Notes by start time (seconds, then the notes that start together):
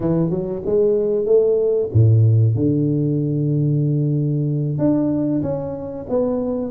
0.00 E3
0.30 F#3
0.65 G#3
1.25 A3
1.93 A2
2.55 D3
4.78 D4
5.42 C#4
6.09 B3